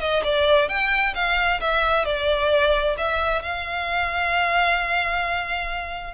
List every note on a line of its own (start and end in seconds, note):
0.00 0.23 D#5
0.24 0.69 D5
0.69 1.14 G5
1.15 1.60 F5
1.60 2.05 E5
2.05 2.96 D5
2.97 3.42 E5
3.42 6.14 F5